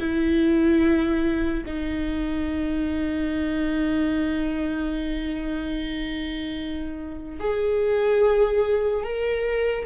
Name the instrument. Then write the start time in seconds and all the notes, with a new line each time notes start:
viola
0.00 E4
1.66 D#4
7.40 G#4
9.04 A#4